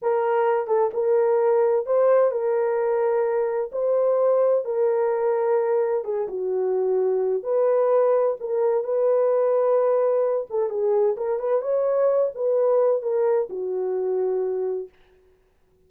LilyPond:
\new Staff \with { instrumentName = "horn" } { \time 4/4 \tempo 4 = 129 ais'4. a'8 ais'2 | c''4 ais'2. | c''2 ais'2~ | ais'4 gis'8 fis'2~ fis'8 |
b'2 ais'4 b'4~ | b'2~ b'8 a'8 gis'4 | ais'8 b'8 cis''4. b'4. | ais'4 fis'2. | }